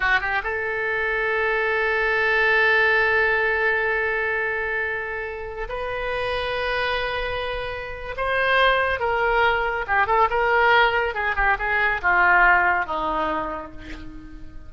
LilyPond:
\new Staff \with { instrumentName = "oboe" } { \time 4/4 \tempo 4 = 140 fis'8 g'8 a'2.~ | a'1~ | a'1~ | a'4~ a'16 b'2~ b'8.~ |
b'2. c''4~ | c''4 ais'2 g'8 a'8 | ais'2 gis'8 g'8 gis'4 | f'2 dis'2 | }